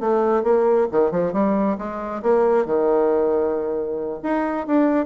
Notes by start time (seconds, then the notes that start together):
0.00 A3
0.43 A#3
0.91 D#3
1.11 F3
1.33 G3
1.78 G#3
2.22 A#3
2.66 D#3
4.23 D#4
4.67 D4